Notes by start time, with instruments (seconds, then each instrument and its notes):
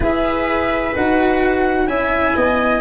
0.00 tuba E4, cello G#4, viola B4, flute E5
0.94 tuba D#4, cello F#4, flute F#5
1.86 tuba C#4, cello E4, viola E5, flute G#5
2.36 tuba B3, viola D#5